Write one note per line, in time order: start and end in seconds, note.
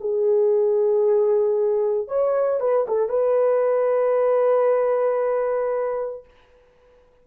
0.00 2.08 G#4
2.08 2.60 C#5
2.60 2.86 B4
2.88 3.09 A4
3.09 6.25 B4